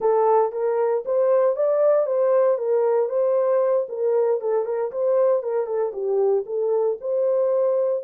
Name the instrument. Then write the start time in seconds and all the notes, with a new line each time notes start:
horn
0.00 A4
0.52 A#4
1.05 C5
1.56 D5
2.06 C5
2.58 A#4
3.09 C5
3.89 A#4
4.40 A4
4.65 A#4
4.91 C5
5.42 A#4
5.66 A4
5.92 G4
6.45 A4
7.01 C5